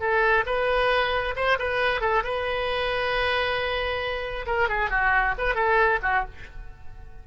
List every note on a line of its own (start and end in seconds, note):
0.00 0.44 A4
0.46 1.35 B4
1.36 1.58 C5
1.59 2.01 B4
2.01 2.23 A4
2.24 4.46 B4
4.47 4.69 A#4
4.69 4.90 G#4
4.90 5.35 F#4
5.38 5.55 B4
5.55 6.00 A4
6.03 6.25 F#4